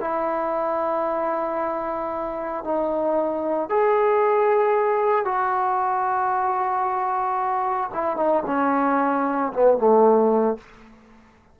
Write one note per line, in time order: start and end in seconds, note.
0.00 2.64 E4
2.64 3.69 D#4
3.69 5.25 G#4
5.25 7.90 F#4
7.94 8.16 E4
8.16 8.43 D#4
8.46 9.52 C#4
9.53 9.78 B3
9.78 10.57 A3